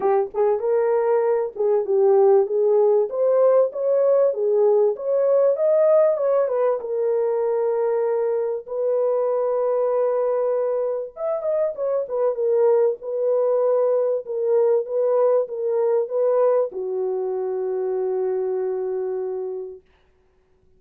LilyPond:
\new Staff \with { instrumentName = "horn" } { \time 4/4 \tempo 4 = 97 g'8 gis'8 ais'4. gis'8 g'4 | gis'4 c''4 cis''4 gis'4 | cis''4 dis''4 cis''8 b'8 ais'4~ | ais'2 b'2~ |
b'2 e''8 dis''8 cis''8 b'8 | ais'4 b'2 ais'4 | b'4 ais'4 b'4 fis'4~ | fis'1 | }